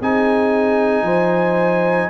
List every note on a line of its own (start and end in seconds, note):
0.00 1.03 C4
0.00 2.10 D#4
0.00 1.04 G#4
0.00 2.10 G#5
1.03 2.08 F3
1.03 2.09 C5